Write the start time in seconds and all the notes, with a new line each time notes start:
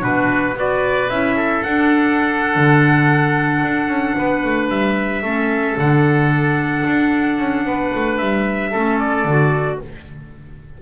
0.00 B2 D4 F#4 B4
0.54 B3 F#4 B4 D5
1.08 C#4 E4 E5
1.36 A4
1.63 D4 F#5
2.55 D3
3.62 D4
3.88 C#4
4.17 B3 B4
4.44 A3
4.69 G3 E5
5.22 A3 C#4 A4
5.77 D3 D4 F#5
6.85 D4
7.38 C#4
7.65 B3 B4
7.95 A3
8.18 G3 E5
8.71 A3 C#4 A4
8.99 D5
9.24 D3 F#4